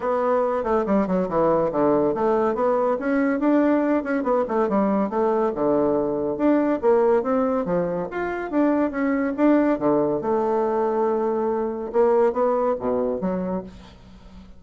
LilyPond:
\new Staff \with { instrumentName = "bassoon" } { \time 4/4 \tempo 4 = 141 b4. a8 g8 fis8 e4 | d4 a4 b4 cis'4 | d'4. cis'8 b8 a8 g4 | a4 d2 d'4 |
ais4 c'4 f4 f'4 | d'4 cis'4 d'4 d4 | a1 | ais4 b4 b,4 fis4 | }